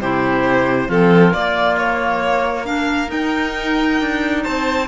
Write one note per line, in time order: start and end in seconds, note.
0.00 0.89 C3
0.00 0.89 E4
0.00 0.89 G4
0.00 0.90 C5
0.89 1.34 F3
0.89 1.34 C4
0.89 2.66 F4
0.89 1.34 A4
1.34 3.12 A#3
1.34 2.65 A#3
1.34 1.77 D5
1.77 2.66 C#5
2.65 3.07 D4
2.65 4.44 A#4
2.65 3.10 F5
3.07 4.85 D#4
3.07 4.01 D#4
3.07 4.44 G5
4.01 4.45 D4
4.44 4.88 C4
4.44 4.88 C5
4.44 4.88 A5